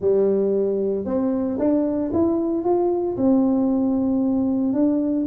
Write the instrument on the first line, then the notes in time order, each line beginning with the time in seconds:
tuba
0.00 G3
1.05 C4
1.59 D4
2.13 E4
2.63 F4
3.16 C4
4.73 D4